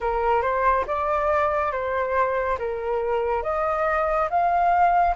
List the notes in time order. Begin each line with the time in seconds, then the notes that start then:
0.00 A#4
0.41 C5
0.86 D5
1.72 C5
2.58 A#4
3.42 D#5
4.30 F5